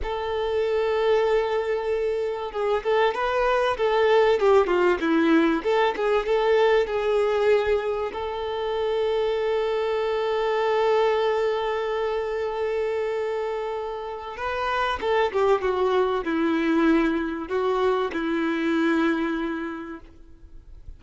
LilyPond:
\new Staff \with { instrumentName = "violin" } { \time 4/4 \tempo 4 = 96 a'1 | gis'8 a'8 b'4 a'4 g'8 f'8 | e'4 a'8 gis'8 a'4 gis'4~ | gis'4 a'2.~ |
a'1~ | a'2. b'4 | a'8 g'8 fis'4 e'2 | fis'4 e'2. | }